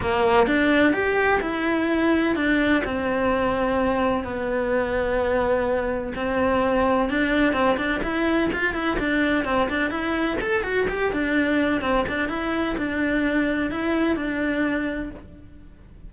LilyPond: \new Staff \with { instrumentName = "cello" } { \time 4/4 \tempo 4 = 127 ais4 d'4 g'4 e'4~ | e'4 d'4 c'2~ | c'4 b2.~ | b4 c'2 d'4 |
c'8 d'8 e'4 f'8 e'8 d'4 | c'8 d'8 e'4 a'8 fis'8 g'8 d'8~ | d'4 c'8 d'8 e'4 d'4~ | d'4 e'4 d'2 | }